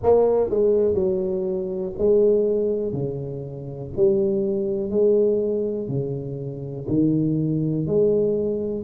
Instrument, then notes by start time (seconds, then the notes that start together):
tuba
0.03 A#3
0.50 G#3
0.94 F#3
1.98 G#3
2.92 C#3
3.96 G3
4.90 G#3
5.88 C#3
6.88 D#3
7.86 G#3